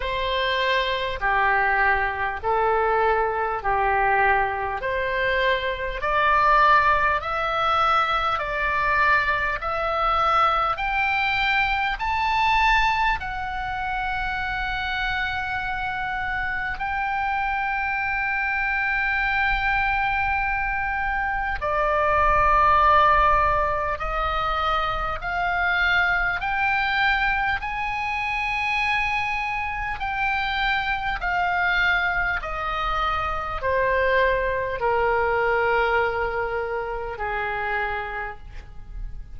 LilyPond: \new Staff \with { instrumentName = "oboe" } { \time 4/4 \tempo 4 = 50 c''4 g'4 a'4 g'4 | c''4 d''4 e''4 d''4 | e''4 g''4 a''4 fis''4~ | fis''2 g''2~ |
g''2 d''2 | dis''4 f''4 g''4 gis''4~ | gis''4 g''4 f''4 dis''4 | c''4 ais'2 gis'4 | }